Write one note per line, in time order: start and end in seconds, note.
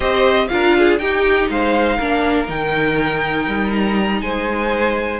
0.00 0.49 C4
0.00 0.48 G4
0.00 0.47 C5
0.00 0.48 D#5
0.48 0.99 D4
0.48 0.99 F4
0.48 0.77 A#4
0.48 0.97 F5
0.78 1.01 G#4
0.98 1.48 D#4
0.98 1.99 D#4
0.98 1.50 G4
0.98 1.48 G5
1.48 1.98 G#3
1.48 1.96 C5
1.48 2.49 F5
1.96 2.48 A#3
1.96 2.46 D4
1.96 4.19 A#4
2.46 3.47 D#3
2.46 5.19 D#4
2.46 3.71 G5
3.47 4.21 G3
3.71 4.21 A#5
4.21 5.19 G#3
4.21 5.19 C5
4.21 5.19 G#5